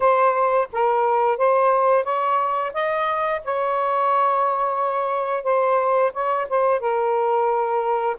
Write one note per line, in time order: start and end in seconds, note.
0.00 0.68 C5
0.72 1.37 A#4
1.37 2.03 C5
2.03 2.71 C#5
2.73 3.41 D#5
3.44 5.43 C#5
5.43 6.11 C5
6.13 6.47 C#5
6.49 6.80 C5
6.80 8.16 A#4